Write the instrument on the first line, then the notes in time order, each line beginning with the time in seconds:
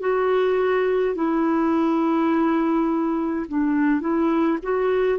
clarinet
0.00 F#4
1.15 E4
3.48 D4
4.01 E4
4.63 F#4